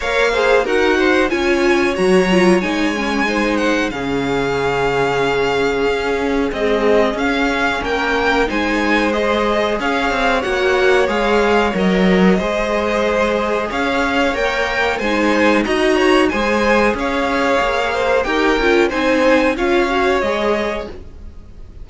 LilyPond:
<<
  \new Staff \with { instrumentName = "violin" } { \time 4/4 \tempo 4 = 92 f''4 fis''4 gis''4 ais''4 | gis''4. fis''8 f''2~ | f''2 dis''4 f''4 | g''4 gis''4 dis''4 f''4 |
fis''4 f''4 dis''2~ | dis''4 f''4 g''4 gis''4 | ais''4 gis''4 f''2 | g''4 gis''4 f''4 dis''4 | }
  \new Staff \with { instrumentName = "violin" } { \time 4/4 cis''8 c''8 ais'8 c''8 cis''2~ | cis''4 c''4 gis'2~ | gis'1 | ais'4 c''2 cis''4~ |
cis''2. c''4~ | c''4 cis''2 c''4 | dis''8 cis''8 c''4 cis''4. c''8 | ais'4 c''4 cis''2 | }
  \new Staff \with { instrumentName = "viola" } { \time 4/4 ais'8 gis'8 fis'4 f'4 fis'8 f'8 | dis'8 cis'8 dis'4 cis'2~ | cis'2 gis4 cis'4~ | cis'4 dis'4 gis'2 |
fis'4 gis'4 ais'4 gis'4~ | gis'2 ais'4 dis'4 | fis'4 gis'2. | g'8 f'8 dis'4 f'8 fis'8 gis'4 | }
  \new Staff \with { instrumentName = "cello" } { \time 4/4 ais4 dis'4 cis'4 fis4 | gis2 cis2~ | cis4 cis'4 c'4 cis'4 | ais4 gis2 cis'8 c'8 |
ais4 gis4 fis4 gis4~ | gis4 cis'4 ais4 gis4 | dis'4 gis4 cis'4 ais4 | dis'8 cis'8 c'4 cis'4 gis4 | }
>>